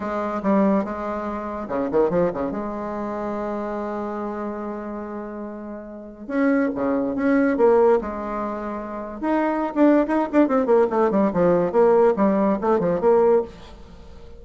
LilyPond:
\new Staff \with { instrumentName = "bassoon" } { \time 4/4 \tempo 4 = 143 gis4 g4 gis2 | cis8 dis8 f8 cis8 gis2~ | gis1~ | gis2. cis'4 |
cis4 cis'4 ais4 gis4~ | gis2 dis'4~ dis'16 d'8. | dis'8 d'8 c'8 ais8 a8 g8 f4 | ais4 g4 a8 f8 ais4 | }